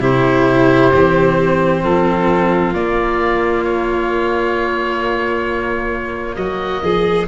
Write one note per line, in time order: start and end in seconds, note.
0.00 0.91 C3
0.00 0.91 E4
0.00 1.81 G4
0.00 1.84 C5
0.92 1.82 E3
0.92 2.75 C4
1.81 2.73 F3
1.81 6.36 F4
1.81 2.74 A4
2.73 6.37 A#3
2.73 7.27 A#3
2.73 3.64 D5
3.64 6.36 C#5
6.36 6.82 F#3
6.36 6.83 F#4
6.36 7.27 D#5
6.83 7.27 F3
6.83 7.27 G#4